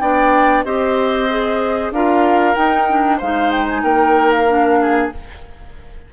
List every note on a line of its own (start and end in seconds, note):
0.00 0.65 B3
0.00 0.65 D4
0.00 0.65 D5
0.00 0.64 G5
0.64 1.91 C4
0.64 1.29 G4
0.64 1.93 C5
0.64 1.92 D#5
1.30 1.94 G#4
1.91 2.55 D4
1.91 2.55 F4
1.91 3.18 A#4
1.91 2.55 F5
2.55 2.87 D#4
2.55 3.21 D#4
2.55 3.19 G5
2.89 3.21 D4
3.18 3.83 G#3
3.18 4.48 D#4
3.18 3.82 C5
3.18 3.51 F5
3.51 3.67 G5
3.69 3.84 G#5
3.83 5.11 A#3
3.83 4.79 A#4
3.83 4.31 G5
4.31 5.11 F5
4.48 5.12 D4
4.82 5.13 G#4